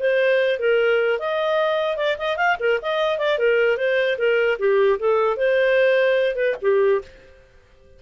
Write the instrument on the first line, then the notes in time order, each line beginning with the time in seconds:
clarinet
0.00 C5
0.60 A#4
1.20 D#5
1.97 D5
2.19 D#5
2.37 F5
2.60 A#4
2.83 D#5
3.19 D5
3.39 A#4
3.78 C5
4.19 A#4
4.59 G4
5.00 A4
5.37 C5
6.36 B4
6.62 G4